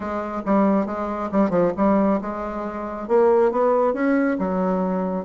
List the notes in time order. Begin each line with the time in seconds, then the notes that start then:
0.00 G#3
0.45 G3
0.86 G#3
1.31 G3
1.50 F3
1.76 G3
2.21 G#3
3.08 A#3
3.51 B3
3.93 C#4
4.39 F#3